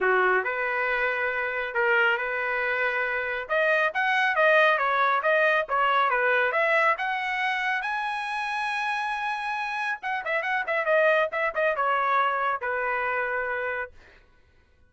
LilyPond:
\new Staff \with { instrumentName = "trumpet" } { \time 4/4 \tempo 4 = 138 fis'4 b'2. | ais'4 b'2. | dis''4 fis''4 dis''4 cis''4 | dis''4 cis''4 b'4 e''4 |
fis''2 gis''2~ | gis''2. fis''8 e''8 | fis''8 e''8 dis''4 e''8 dis''8 cis''4~ | cis''4 b'2. | }